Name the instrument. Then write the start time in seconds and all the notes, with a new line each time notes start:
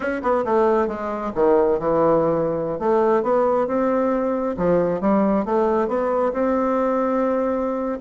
bassoon
0.00 C#4
0.22 B3
0.44 A3
0.87 G#3
1.35 D#3
1.79 E3
2.79 A3
3.22 B3
3.67 C4
4.57 F3
5.00 G3
5.45 A3
5.87 B3
6.32 C4